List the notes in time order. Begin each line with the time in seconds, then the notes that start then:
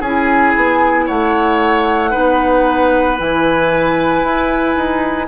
0.00 C#4 E4 G#4 G#5
0.56 B3
1.06 A3 C#5 F#5
2.10 B3 D#4 B4
3.17 E3 E4 G#5
4.23 E4
4.76 D#4